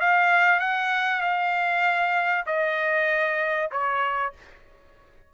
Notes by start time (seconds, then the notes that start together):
0.00 F5
0.60 F#5
1.21 F5
2.46 D#5
3.71 C#5